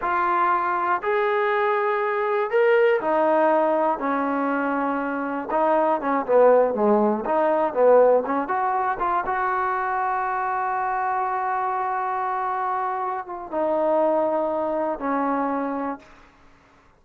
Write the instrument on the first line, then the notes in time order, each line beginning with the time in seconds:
trombone
0.01 F4
1.02 G#4
2.50 A#4
3.00 D#4
3.98 C#4
5.50 D#4
6.00 C#4
6.26 B3
6.74 G#3
7.25 D#4
7.73 B3
8.26 C#4
8.47 F#4
8.99 F4
9.25 F#4
13.26 F4
13.51 D#4
14.99 C#4